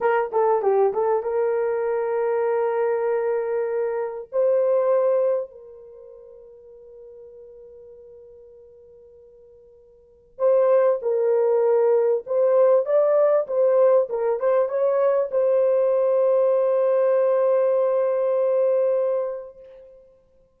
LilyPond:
\new Staff \with { instrumentName = "horn" } { \time 4/4 \tempo 4 = 98 ais'8 a'8 g'8 a'8 ais'2~ | ais'2. c''4~ | c''4 ais'2.~ | ais'1~ |
ais'4 c''4 ais'2 | c''4 d''4 c''4 ais'8 c''8 | cis''4 c''2.~ | c''1 | }